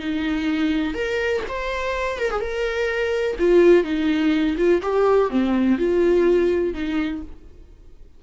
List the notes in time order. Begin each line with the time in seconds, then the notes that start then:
0.00 D#4
0.94 A#4
1.49 C5
2.19 A#4
2.31 G#4
2.40 A#4
3.39 F4
3.84 D#4
4.57 F4
4.82 G4
5.30 C4
5.78 F4
6.74 D#4